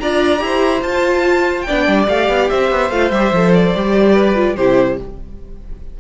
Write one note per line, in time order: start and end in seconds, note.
0.00 0.41 D4
0.00 0.39 F4
0.00 0.44 D5
0.00 0.83 A#5
0.39 0.83 E4
0.39 0.80 G4
0.45 1.67 C5
0.83 1.66 F4
0.83 1.67 F4
0.83 1.62 A5
1.62 2.50 D5
1.62 2.04 G5
1.68 1.88 B3
1.68 2.08 D4
1.88 2.09 G3
2.08 2.29 A3
2.08 2.91 G4
2.08 2.50 F5
2.29 2.50 B3
2.50 2.71 C4
2.50 4.14 C5
2.50 2.91 E5
2.71 2.91 B3
2.91 3.11 A3
2.91 3.13 F4
2.91 3.11 F5
3.11 3.32 G3
3.11 3.34 G4
3.11 3.53 E5
3.33 3.74 F3
3.33 3.77 A4
3.54 4.57 D5
3.76 4.58 G3
3.76 4.35 G4
4.14 4.55 B4
4.35 4.56 F4
4.57 4.99 C3
4.57 5.00 E4
4.57 4.99 G4
4.57 4.98 C5